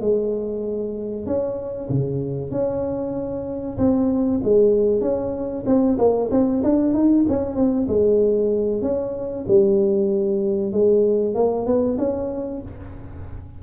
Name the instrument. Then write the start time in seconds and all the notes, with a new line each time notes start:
tuba
0.00 G#3
1.25 C#4
1.89 C#3
2.51 C#4
3.78 C4
4.43 G#3
5.01 C#4
5.66 C4
5.98 A#3
6.30 C4
6.63 D4
6.93 D#4
7.28 C#4
7.55 C4
7.87 G#3
8.81 C#4
9.47 G3
10.72 G#3
11.34 A#3
11.66 B3
11.98 C#4